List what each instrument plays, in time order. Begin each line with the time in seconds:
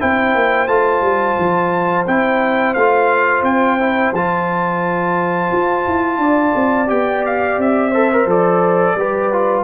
0.00 tuba C4, trombone E4, horn C5, trumpet G5
0.35 tuba A#3
0.68 tuba A3, trombone F4, trumpet A5
1.01 tuba G3
1.38 tuba F3
2.07 tuba C4, trombone E4, trumpet G5
2.74 tuba A3, trombone F4, trumpet F5
3.43 tuba C4, trumpet G5
3.80 trombone E4
4.12 tuba F3, trombone F4, trumpet A5
5.52 tuba F4
5.87 tuba E4
6.18 tuba D4, horn D5
6.55 tuba C4
6.87 tuba B3, trombone G4, trumpet G5
7.26 trumpet F5
7.58 tuba C4, trumpet E5
7.91 trombone A4, horn C5
8.12 trombone A#4
8.26 tuba F3, trombone A4, trumpet D5
8.95 tuba G3, trombone G4, horn B4
9.32 trombone F4